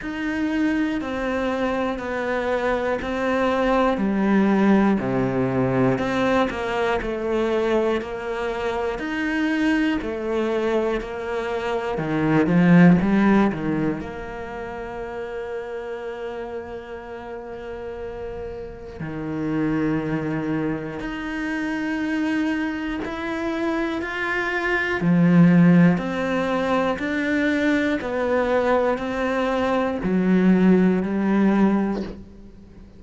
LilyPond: \new Staff \with { instrumentName = "cello" } { \time 4/4 \tempo 4 = 60 dis'4 c'4 b4 c'4 | g4 c4 c'8 ais8 a4 | ais4 dis'4 a4 ais4 | dis8 f8 g8 dis8 ais2~ |
ais2. dis4~ | dis4 dis'2 e'4 | f'4 f4 c'4 d'4 | b4 c'4 fis4 g4 | }